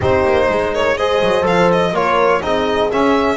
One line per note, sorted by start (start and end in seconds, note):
0.00 0.24 C4
0.00 0.98 D#4
0.00 0.47 G4
0.00 0.74 C5
0.24 0.48 A#3
0.48 1.21 G#3
0.48 0.73 G#4
0.73 0.95 A#4
0.73 0.97 C#5
0.95 1.42 G#4
0.95 1.92 C5
0.95 1.45 D#5
1.22 1.45 F#3
1.42 1.92 F3
1.42 1.90 A4
1.42 1.71 F5
1.71 1.95 D#5
1.92 2.40 A#3
1.92 2.41 F4
1.92 2.41 A#4
1.92 2.42 C#5
2.41 2.90 C4
2.41 2.90 D#4
2.41 3.36 G#4
2.41 2.90 D#5
2.91 3.36 C#4
2.91 3.36 E5